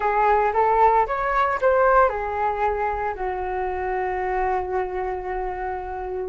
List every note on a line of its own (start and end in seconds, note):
0.00 0.52 G#4
0.53 1.06 A4
1.06 1.59 C#5
1.61 2.09 C5
2.09 3.14 G#4
3.14 6.29 F#4